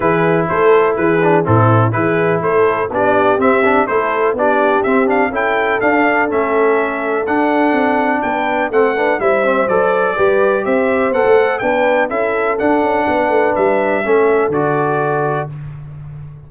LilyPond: <<
  \new Staff \with { instrumentName = "trumpet" } { \time 4/4 \tempo 4 = 124 b'4 c''4 b'4 a'4 | b'4 c''4 d''4 e''4 | c''4 d''4 e''8 f''8 g''4 | f''4 e''2 fis''4~ |
fis''4 g''4 fis''4 e''4 | d''2 e''4 fis''4 | g''4 e''4 fis''2 | e''2 d''2 | }
  \new Staff \with { instrumentName = "horn" } { \time 4/4 gis'4 a'4 gis'4 e'4 | gis'4 a'4 g'2 | a'4 g'2 a'4~ | a'1~ |
a'4 b'4 a'8 b'8 c''4~ | c''4 b'4 c''2 | b'4 a'2 b'4~ | b'4 a'2. | }
  \new Staff \with { instrumentName = "trombone" } { \time 4/4 e'2~ e'8 d'8 c'4 | e'2 d'4 c'8 d'8 | e'4 d'4 c'8 d'8 e'4 | d'4 cis'2 d'4~ |
d'2 c'8 d'8 e'8 c'8 | a'4 g'2 a'4 | d'4 e'4 d'2~ | d'4 cis'4 fis'2 | }
  \new Staff \with { instrumentName = "tuba" } { \time 4/4 e4 a4 e4 a,4 | e4 a4 b4 c'4 | a4 b4 c'4 cis'4 | d'4 a2 d'4 |
c'4 b4 a4 g4 | fis4 g4 c'4 b16 a8. | b4 cis'4 d'8 cis'8 b8 a8 | g4 a4 d2 | }
>>